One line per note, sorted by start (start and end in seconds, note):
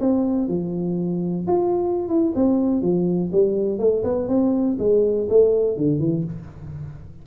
0.00 0.48 C4
0.48 1.46 F3
1.47 2.08 F4
2.08 2.33 E4
2.35 2.81 C4
2.81 3.31 F3
3.32 3.79 G3
3.79 4.03 A3
4.04 4.28 B3
4.28 4.77 C4
4.79 5.28 G#3
5.29 5.77 A3
5.77 5.99 D3
5.99 6.24 E3